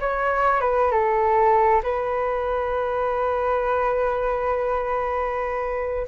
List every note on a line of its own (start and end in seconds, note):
0.00 0.61 C#5
0.61 0.91 B4
0.91 1.82 A4
1.83 6.07 B4